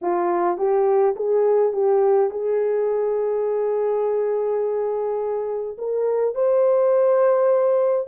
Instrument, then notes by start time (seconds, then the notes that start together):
horn
0.01 F4
0.57 G4
1.16 G#4
1.73 G4
2.30 G#4
5.78 A#4
6.35 C5